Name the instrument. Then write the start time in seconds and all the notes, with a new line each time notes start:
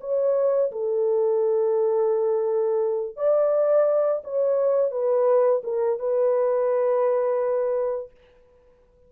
horn
0.00 C#5
0.71 A4
3.16 D5
4.24 C#5
4.91 B4
5.63 A#4
5.99 B4